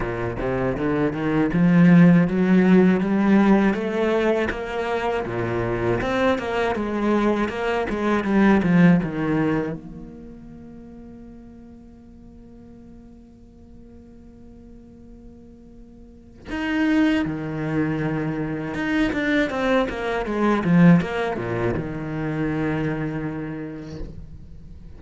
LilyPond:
\new Staff \with { instrumentName = "cello" } { \time 4/4 \tempo 4 = 80 ais,8 c8 d8 dis8 f4 fis4 | g4 a4 ais4 ais,4 | c'8 ais8 gis4 ais8 gis8 g8 f8 | dis4 ais2.~ |
ais1~ | ais2 dis'4 dis4~ | dis4 dis'8 d'8 c'8 ais8 gis8 f8 | ais8 ais,8 dis2. | }